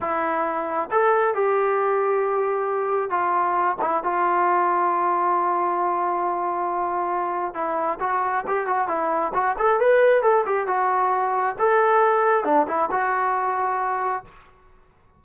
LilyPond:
\new Staff \with { instrumentName = "trombone" } { \time 4/4 \tempo 4 = 135 e'2 a'4 g'4~ | g'2. f'4~ | f'8 e'8 f'2.~ | f'1~ |
f'4 e'4 fis'4 g'8 fis'8 | e'4 fis'8 a'8 b'4 a'8 g'8 | fis'2 a'2 | d'8 e'8 fis'2. | }